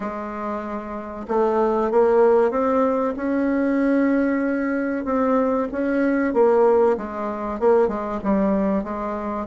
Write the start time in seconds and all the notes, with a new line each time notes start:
0.00 G#3
1.28 A3
1.91 A#3
2.50 C4
3.16 C#4
5.04 C4
5.72 C#4
6.33 A#3
6.97 G#3
7.59 A#3
7.87 G#3
8.23 G3
8.83 G#3